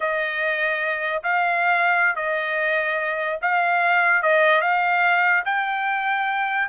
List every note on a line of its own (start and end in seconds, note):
0.00 1.22 D#5
1.23 2.15 F5
2.15 3.39 D#5
3.41 4.22 F5
4.22 4.61 D#5
4.61 5.43 F5
5.45 6.68 G5